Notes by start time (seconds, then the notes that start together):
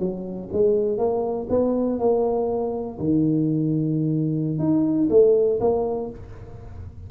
0.00 F#3
0.53 G#3
0.98 A#3
1.50 B3
1.99 A#3
3.00 D#3
4.59 D#4
5.10 A3
5.61 A#3